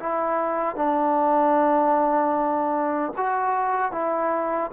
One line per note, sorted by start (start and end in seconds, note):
0.00 0.76 E4
0.76 3.13 D4
3.18 3.92 F#4
3.92 4.71 E4